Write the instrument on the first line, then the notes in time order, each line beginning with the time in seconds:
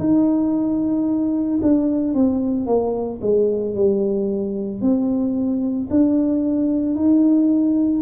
tuba
0.00 D#4
1.63 D4
2.15 C4
2.67 A#3
3.22 G#3
3.75 G3
4.82 C4
5.90 D4
6.96 D#4